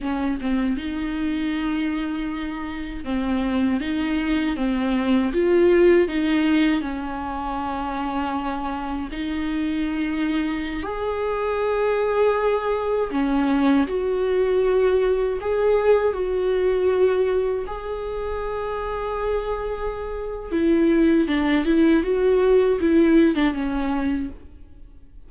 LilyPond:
\new Staff \with { instrumentName = "viola" } { \time 4/4 \tempo 4 = 79 cis'8 c'8 dis'2. | c'4 dis'4 c'4 f'4 | dis'4 cis'2. | dis'2~ dis'16 gis'4.~ gis'16~ |
gis'4~ gis'16 cis'4 fis'4.~ fis'16~ | fis'16 gis'4 fis'2 gis'8.~ | gis'2. e'4 | d'8 e'8 fis'4 e'8. d'16 cis'4 | }